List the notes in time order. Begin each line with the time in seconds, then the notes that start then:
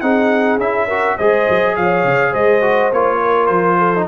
0.00 C4 D#4 G#4 F#5
0.57 C#4 E4 E5
0.87 F#4 A#4
1.17 G#3 G#4 C5 D#5
1.49 F#3
1.75 F3 C#5 F5
2.04 C#3
2.30 G#3 C5 D#5
2.61 F#4
2.92 A#3 F4 C#5
3.20 A#4
3.46 F3 C5
3.78 A4
3.95 D#4